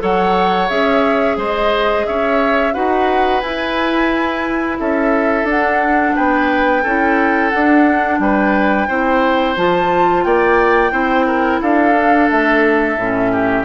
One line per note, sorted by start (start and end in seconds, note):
0.00 0.70 F#3
0.00 0.68 A4
0.00 1.38 C#5
0.00 0.69 F#5
0.69 1.37 C#4
0.69 2.73 G#4
0.69 1.38 E5
1.37 2.05 G#3
1.37 2.06 C5
1.37 2.07 D#5
2.07 2.76 C#4
2.07 2.74 C#5
2.07 2.74 E5
2.74 3.43 D#4
2.74 3.42 F#4
2.74 4.79 B4
2.74 3.41 F#5
3.41 4.79 E4
3.41 5.48 E4
3.41 4.77 G#5
4.80 5.44 C#4
4.80 6.16 A4
4.80 5.48 E5
5.44 6.12 D4
5.44 6.84 D4
5.44 6.16 F#5
6.16 6.85 B3
6.16 6.83 B4
6.16 7.50 G5
6.83 7.53 C#4
6.83 7.53 E4
6.83 8.19 A4
7.50 8.89 D4
7.50 8.19 D4
7.50 8.18 F#5
8.19 8.88 G3
8.19 8.88 B4
8.19 9.56 G5
8.88 9.57 C4
8.88 9.57 E4
8.88 10.25 C5
9.57 10.25 F3
9.57 10.91 F4
9.57 10.24 A5
10.24 10.92 A#3
10.24 10.92 D5
10.24 11.61 G5
10.91 11.60 C4
10.91 11.93 E4
10.91 11.26 C5
11.27 11.61 A#4
11.62 12.30 D4
11.62 13.32 A4
11.62 12.30 F5
11.96 12.98 D4
12.31 12.97 A3
12.31 13.65 E5
12.97 13.65 A2
12.97 13.65 C#4
13.32 13.65 G4